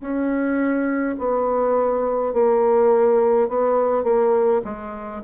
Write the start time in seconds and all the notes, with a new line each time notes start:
0.00 C#4
1.18 B3
2.33 A#3
3.48 B3
4.03 A#3
4.64 G#3